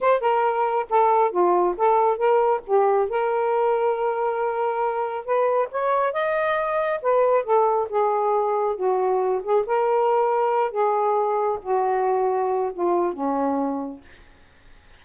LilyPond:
\new Staff \with { instrumentName = "saxophone" } { \time 4/4 \tempo 4 = 137 c''8 ais'4. a'4 f'4 | a'4 ais'4 g'4 ais'4~ | ais'1 | b'4 cis''4 dis''2 |
b'4 a'4 gis'2 | fis'4. gis'8 ais'2~ | ais'8 gis'2 fis'4.~ | fis'4 f'4 cis'2 | }